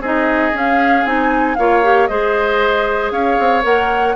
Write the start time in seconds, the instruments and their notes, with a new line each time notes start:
0.00 bassoon C4, clarinet D#4, oboe G#4, flute D#5
0.52 clarinet C#4, bassoon C#4, flute F5
1.05 bassoon C4, clarinet D#4, flute G#5
1.55 bassoon A#3, clarinet F4, oboe C#5, flute F5
1.83 clarinet G4
2.07 bassoon G#3, clarinet G#4, oboe C5, flute D#5
3.11 bassoon C#4, oboe C#5, flute F5
3.39 bassoon C4
3.62 bassoon A#3, clarinet A#4, flute F#5